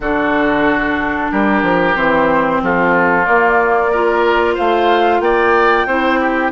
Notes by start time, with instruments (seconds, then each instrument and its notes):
0.00 bassoon D3, clarinet D4, oboe F#4, flute A4
1.31 bassoon G3, oboe G4, flute A#4
1.62 bassoon F3
1.95 bassoon E3, clarinet C4, flute C5
2.62 bassoon F3, oboe F4, flute A4
3.25 clarinet A#3, bassoon A#3, flute D5
3.91 clarinet F4, oboe A#4
4.54 bassoon A3, oboe C5, flute F5
5.20 bassoon A#3, oboe D5, flute G5
5.85 bassoon C4, clarinet E4, oboe C5
6.20 oboe G4